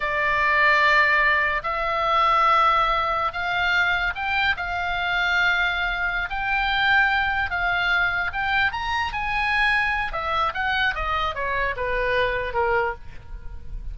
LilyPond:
\new Staff \with { instrumentName = "oboe" } { \time 4/4 \tempo 4 = 148 d''1 | e''1~ | e''16 f''2 g''4 f''8.~ | f''2.~ f''8 g''8~ |
g''2~ g''8 f''4.~ | f''8 g''4 ais''4 gis''4.~ | gis''4 e''4 fis''4 dis''4 | cis''4 b'2 ais'4 | }